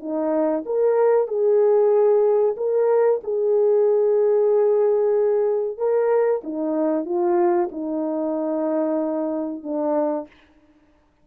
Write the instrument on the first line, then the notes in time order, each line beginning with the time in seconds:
horn
0.00 D#4
0.66 A#4
1.28 G#4
2.57 A#4
3.24 G#4
5.78 A#4
6.44 D#4
7.05 F4
7.72 D#4
9.63 D4